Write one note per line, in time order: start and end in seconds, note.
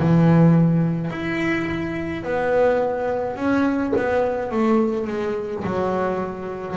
0.00 1.11 E3
1.11 2.24 E4
2.24 3.37 B3
3.37 3.93 C#4
3.97 4.51 B3
4.51 5.07 A3
5.07 5.64 G#3
5.64 6.77 F#3